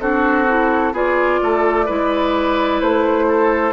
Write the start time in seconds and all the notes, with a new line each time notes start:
0.00 C4 D4 F#4 A4
0.47 E4
0.93 B3 F4 G#4 D5
1.42 A3 A4
1.86 G#3 E4 B4
2.81 A3 C5
3.28 A4